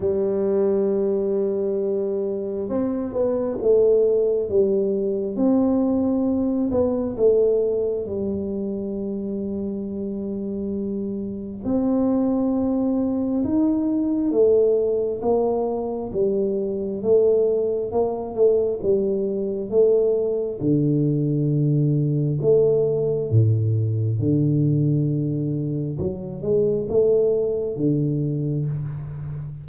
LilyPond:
\new Staff \with { instrumentName = "tuba" } { \time 4/4 \tempo 4 = 67 g2. c'8 b8 | a4 g4 c'4. b8 | a4 g2.~ | g4 c'2 dis'4 |
a4 ais4 g4 a4 | ais8 a8 g4 a4 d4~ | d4 a4 a,4 d4~ | d4 fis8 gis8 a4 d4 | }